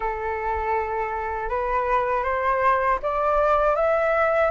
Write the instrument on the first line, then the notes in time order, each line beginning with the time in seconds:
flute
0.00 A4
1.49 B4
2.23 C5
3.02 D5
3.75 E5